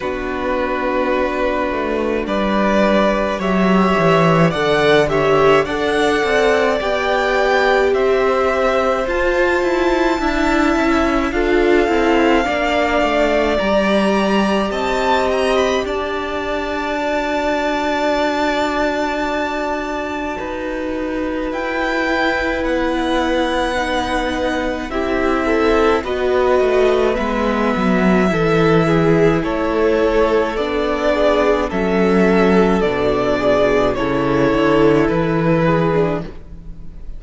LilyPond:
<<
  \new Staff \with { instrumentName = "violin" } { \time 4/4 \tempo 4 = 53 b'2 d''4 e''4 | fis''8 e''8 fis''4 g''4 e''4 | a''2 f''2 | ais''4 a''8 ais''16 b''16 a''2~ |
a''2. g''4 | fis''2 e''4 dis''4 | e''2 cis''4 d''4 | e''4 d''4 cis''4 b'4 | }
  \new Staff \with { instrumentName = "violin" } { \time 4/4 fis'2 b'4 cis''4 | d''8 cis''8 d''2 c''4~ | c''4 e''4 a'4 d''4~ | d''4 dis''4 d''2~ |
d''2 b'2~ | b'2 g'8 a'8 b'4~ | b'4 a'8 gis'8 a'4. gis'8 | a'4. gis'8 a'4. gis'8 | }
  \new Staff \with { instrumentName = "viola" } { \time 4/4 d'2. g'4 | a'8 g'8 a'4 g'2 | f'4 e'4 f'8 e'8 d'4 | g'2. fis'4~ |
fis'2.~ fis'8 e'8~ | e'4 dis'4 e'4 fis'4 | b4 e'2 d'4 | cis'4 d'4 e'4.~ e'16 d'16 | }
  \new Staff \with { instrumentName = "cello" } { \time 4/4 b4. a8 g4 fis8 e8 | d4 d'8 c'8 b4 c'4 | f'8 e'8 d'8 cis'8 d'8 c'8 ais8 a8 | g4 c'4 d'2~ |
d'2 dis'4 e'4 | b2 c'4 b8 a8 | gis8 fis8 e4 a4 b4 | fis4 b,4 cis8 d8 e4 | }
>>